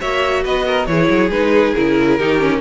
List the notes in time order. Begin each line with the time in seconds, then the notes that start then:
0.00 A#3 F#4 C#5 E5
0.44 B3 B4 D#5
0.67 A#4
0.86 E3 E4 G#4 C#5
1.10 F#3
1.30 G#3 D#4 B4
1.74 C#3 E4 A#4
2.18 D#3 D#4 G4
2.39 C#4